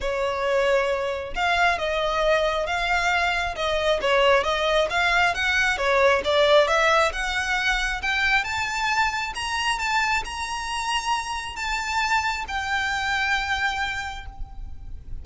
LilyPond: \new Staff \with { instrumentName = "violin" } { \time 4/4 \tempo 4 = 135 cis''2. f''4 | dis''2 f''2 | dis''4 cis''4 dis''4 f''4 | fis''4 cis''4 d''4 e''4 |
fis''2 g''4 a''4~ | a''4 ais''4 a''4 ais''4~ | ais''2 a''2 | g''1 | }